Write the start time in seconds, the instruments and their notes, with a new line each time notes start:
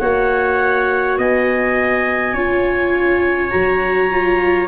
0.00 tuba A#3, viola F#4, trumpet C#5, clarinet F#5
1.18 tuba B3, trumpet D#5, clarinet G#5
2.34 tuba C#4, viola F4, trumpet C#5
3.50 tuba F#3, viola F#4, clarinet A#5
4.10 viola F4